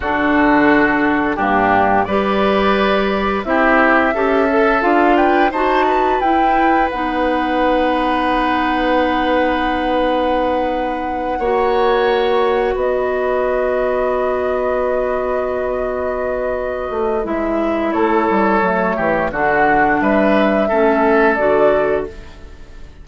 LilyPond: <<
  \new Staff \with { instrumentName = "flute" } { \time 4/4 \tempo 4 = 87 a'2 g'4 d''4~ | d''4 e''2 f''8 g''8 | a''4 g''4 fis''2~ | fis''1~ |
fis''2~ fis''8 dis''4.~ | dis''1~ | dis''4 e''4 cis''2 | fis''4 e''2 d''4 | }
  \new Staff \with { instrumentName = "oboe" } { \time 4/4 fis'2 d'4 b'4~ | b'4 g'4 a'4. b'8 | c''8 b'2.~ b'8~ | b'1~ |
b'8 cis''2 b'4.~ | b'1~ | b'2 a'4. g'8 | fis'4 b'4 a'2 | }
  \new Staff \with { instrumentName = "clarinet" } { \time 4/4 d'2 ais4 g'4~ | g'4 e'4 g'8 a'8 f'4 | fis'4 e'4 dis'2~ | dis'1~ |
dis'8 fis'2.~ fis'8~ | fis'1~ | fis'4 e'2 a4 | d'2 cis'4 fis'4 | }
  \new Staff \with { instrumentName = "bassoon" } { \time 4/4 d2 g,4 g4~ | g4 c'4 cis'4 d'4 | dis'4 e'4 b2~ | b1~ |
b8 ais2 b4.~ | b1~ | b8 a8 gis4 a8 g8 fis8 e8 | d4 g4 a4 d4 | }
>>